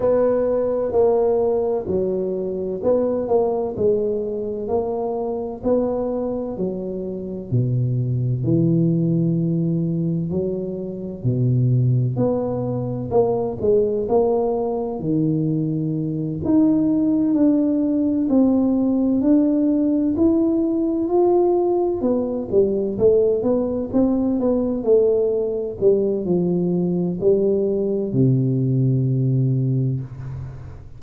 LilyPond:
\new Staff \with { instrumentName = "tuba" } { \time 4/4 \tempo 4 = 64 b4 ais4 fis4 b8 ais8 | gis4 ais4 b4 fis4 | b,4 e2 fis4 | b,4 b4 ais8 gis8 ais4 |
dis4. dis'4 d'4 c'8~ | c'8 d'4 e'4 f'4 b8 | g8 a8 b8 c'8 b8 a4 g8 | f4 g4 c2 | }